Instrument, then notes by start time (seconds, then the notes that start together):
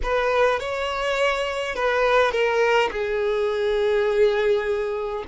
violin
0.03 B4
0.59 C#5
1.75 B4
2.31 A#4
2.91 G#4